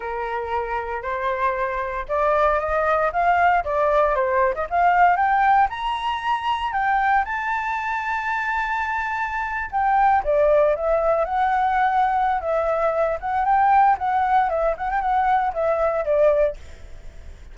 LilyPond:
\new Staff \with { instrumentName = "flute" } { \time 4/4 \tempo 4 = 116 ais'2 c''2 | d''4 dis''4 f''4 d''4 | c''8. dis''16 f''4 g''4 ais''4~ | ais''4 g''4 a''2~ |
a''2~ a''8. g''4 d''16~ | d''8. e''4 fis''2~ fis''16 | e''4. fis''8 g''4 fis''4 | e''8 fis''16 g''16 fis''4 e''4 d''4 | }